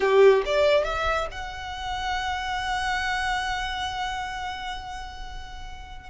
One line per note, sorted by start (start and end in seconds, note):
0.00 0.42 G4
0.45 0.84 D5
0.84 1.27 E5
1.31 6.09 F#5